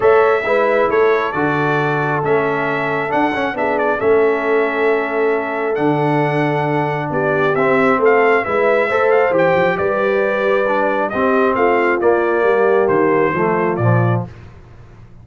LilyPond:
<<
  \new Staff \with { instrumentName = "trumpet" } { \time 4/4 \tempo 4 = 135 e''2 cis''4 d''4~ | d''4 e''2 fis''4 | e''8 d''8 e''2.~ | e''4 fis''2. |
d''4 e''4 f''4 e''4~ | e''8 f''8 g''4 d''2~ | d''4 dis''4 f''4 d''4~ | d''4 c''2 d''4 | }
  \new Staff \with { instrumentName = "horn" } { \time 4/4 cis''4 b'4 a'2~ | a'1 | gis'4 a'2.~ | a'1 |
g'2 a'4 b'4 | c''2 b'2~ | b'4 g'4 f'2 | g'2 f'2 | }
  \new Staff \with { instrumentName = "trombone" } { \time 4/4 a'4 e'2 fis'4~ | fis'4 cis'2 d'8 cis'8 | d'4 cis'2.~ | cis'4 d'2.~ |
d'4 c'2 e'4 | a'4 g'2. | d'4 c'2 ais4~ | ais2 a4 f4 | }
  \new Staff \with { instrumentName = "tuba" } { \time 4/4 a4 gis4 a4 d4~ | d4 a2 d'8 cis'8 | b4 a2.~ | a4 d2. |
b4 c'4 a4 gis4 | a4 e8 f8 g2~ | g4 c'4 a4 ais4 | g4 dis4 f4 ais,4 | }
>>